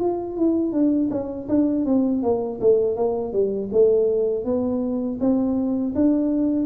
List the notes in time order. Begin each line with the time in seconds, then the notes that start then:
0.00 F4
0.37 E4
0.72 D4
1.10 C#4
1.48 D4
1.85 C4
2.22 A#3
2.61 A3
2.96 A#3
3.32 G3
3.72 A3
4.44 B3
5.20 C4
5.95 D4